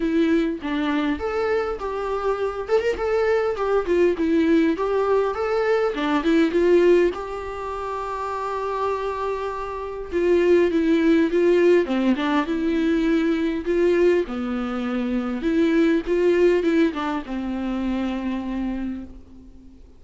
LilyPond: \new Staff \with { instrumentName = "viola" } { \time 4/4 \tempo 4 = 101 e'4 d'4 a'4 g'4~ | g'8 a'16 ais'16 a'4 g'8 f'8 e'4 | g'4 a'4 d'8 e'8 f'4 | g'1~ |
g'4 f'4 e'4 f'4 | c'8 d'8 e'2 f'4 | b2 e'4 f'4 | e'8 d'8 c'2. | }